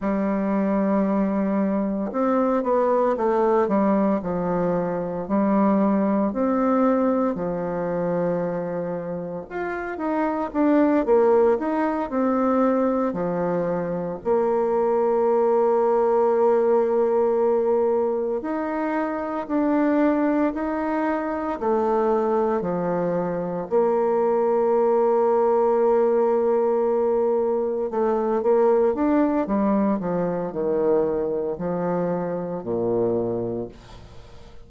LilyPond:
\new Staff \with { instrumentName = "bassoon" } { \time 4/4 \tempo 4 = 57 g2 c'8 b8 a8 g8 | f4 g4 c'4 f4~ | f4 f'8 dis'8 d'8 ais8 dis'8 c'8~ | c'8 f4 ais2~ ais8~ |
ais4. dis'4 d'4 dis'8~ | dis'8 a4 f4 ais4.~ | ais2~ ais8 a8 ais8 d'8 | g8 f8 dis4 f4 ais,4 | }